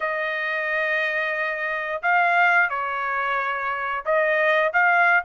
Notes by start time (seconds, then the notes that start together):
0.00 D#5
2.02 F5
2.69 C#5
4.04 D#5
4.73 F5